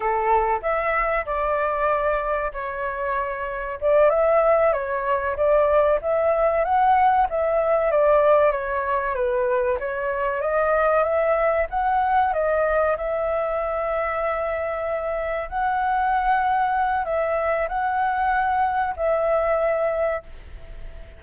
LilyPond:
\new Staff \with { instrumentName = "flute" } { \time 4/4 \tempo 4 = 95 a'4 e''4 d''2 | cis''2 d''8 e''4 cis''8~ | cis''8 d''4 e''4 fis''4 e''8~ | e''8 d''4 cis''4 b'4 cis''8~ |
cis''8 dis''4 e''4 fis''4 dis''8~ | dis''8 e''2.~ e''8~ | e''8 fis''2~ fis''8 e''4 | fis''2 e''2 | }